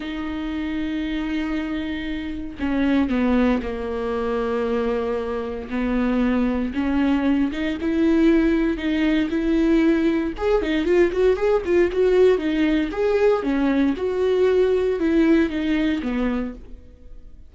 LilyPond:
\new Staff \with { instrumentName = "viola" } { \time 4/4 \tempo 4 = 116 dis'1~ | dis'4 cis'4 b4 ais4~ | ais2. b4~ | b4 cis'4. dis'8 e'4~ |
e'4 dis'4 e'2 | gis'8 dis'8 f'8 fis'8 gis'8 f'8 fis'4 | dis'4 gis'4 cis'4 fis'4~ | fis'4 e'4 dis'4 b4 | }